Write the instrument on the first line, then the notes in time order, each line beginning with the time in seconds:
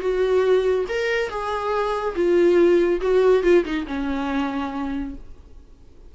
viola
0.00 F#4
0.89 A#4
1.29 G#4
2.15 F4
3.01 F#4
3.43 F4
3.64 D#4
3.87 C#4